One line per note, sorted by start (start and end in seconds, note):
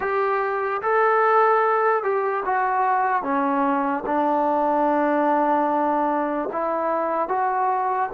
0.00 0.81 G4
0.81 2.03 A4
2.03 2.43 G4
2.45 3.22 F#4
3.22 4.03 C#4
4.05 6.49 D4
6.52 7.28 E4
7.28 8.09 F#4